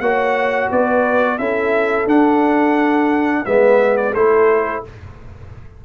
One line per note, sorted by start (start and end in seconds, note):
0.00 0.69 A#3
0.00 1.40 F#4
0.00 0.71 C#5
0.00 0.70 F#5
0.72 1.39 B3
0.72 1.40 B4
0.72 1.39 D5
1.39 2.06 C#4
1.39 2.07 E4
1.39 3.45 A4
1.39 2.07 E5
2.06 3.44 D4
2.06 3.45 D4
2.06 3.46 F#5
3.45 4.15 G#3
3.45 4.15 B3
3.45 4.13 B4
3.45 3.97 E5
3.97 4.14 D5
4.13 4.84 A3
4.13 4.85 E4
4.13 4.82 A4
4.13 4.84 C5